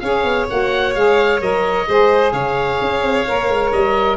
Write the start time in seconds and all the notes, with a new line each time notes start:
0.00 C#4 G#4 C#5 F5
0.24 B3
0.50 A#3 F#4 F#5
0.95 G#3 G#4 F5
1.41 F#3 A#4 D#5
1.88 G#3 G#4 C5
2.32 C#3 C#5 F5
2.81 C#4
3.02 C4
3.27 A#3 A#4
3.49 G#3
3.73 G3 D#5